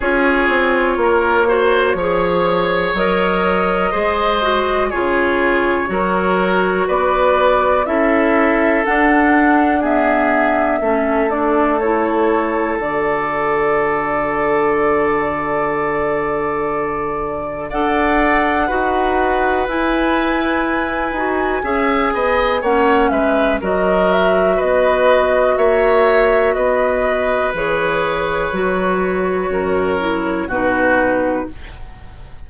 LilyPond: <<
  \new Staff \with { instrumentName = "flute" } { \time 4/4 \tempo 4 = 61 cis''2. dis''4~ | dis''4 cis''2 d''4 | e''4 fis''4 e''4. d''8 | cis''4 d''2.~ |
d''2 fis''2 | gis''2. fis''8 e''8 | dis''8 e''8 dis''4 e''4 dis''4 | cis''2. b'4 | }
  \new Staff \with { instrumentName = "oboe" } { \time 4/4 gis'4 ais'8 c''8 cis''2 | c''4 gis'4 ais'4 b'4 | a'2 gis'4 a'4~ | a'1~ |
a'2 d''4 b'4~ | b'2 e''8 dis''8 cis''8 b'8 | ais'4 b'4 cis''4 b'4~ | b'2 ais'4 fis'4 | }
  \new Staff \with { instrumentName = "clarinet" } { \time 4/4 f'4. fis'8 gis'4 ais'4 | gis'8 fis'8 f'4 fis'2 | e'4 d'4 b4 cis'8 d'8 | e'4 fis'2.~ |
fis'2 a'4 fis'4 | e'4. fis'8 gis'4 cis'4 | fis'1 | gis'4 fis'4. e'8 dis'4 | }
  \new Staff \with { instrumentName = "bassoon" } { \time 4/4 cis'8 c'8 ais4 f4 fis4 | gis4 cis4 fis4 b4 | cis'4 d'2 a4~ | a4 d2.~ |
d2 d'4 dis'4 | e'4. dis'8 cis'8 b8 ais8 gis8 | fis4 b4 ais4 b4 | e4 fis4 fis,4 b,4 | }
>>